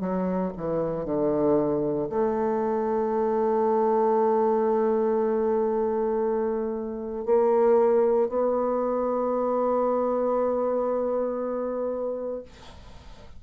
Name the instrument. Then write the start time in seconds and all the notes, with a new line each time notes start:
bassoon
0.00 F#3
0.57 E3
1.05 D3
2.09 A3
7.25 A#3
8.29 B3